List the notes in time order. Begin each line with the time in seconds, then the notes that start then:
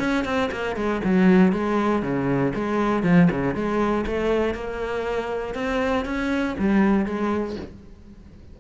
0.00 C#4
0.25 C4
0.52 A#3
0.76 G#3
1.05 F#3
1.53 G#3
2.03 C#3
2.55 G#3
3.04 F3
3.31 C#3
3.55 G#3
4.07 A3
4.55 A#3
5.55 C4
6.06 C#4
6.59 G3
7.06 G#3